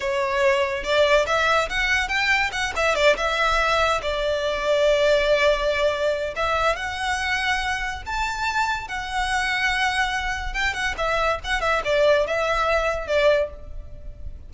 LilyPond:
\new Staff \with { instrumentName = "violin" } { \time 4/4 \tempo 4 = 142 cis''2 d''4 e''4 | fis''4 g''4 fis''8 e''8 d''8 e''8~ | e''4. d''2~ d''8~ | d''2. e''4 |
fis''2. a''4~ | a''4 fis''2.~ | fis''4 g''8 fis''8 e''4 fis''8 e''8 | d''4 e''2 d''4 | }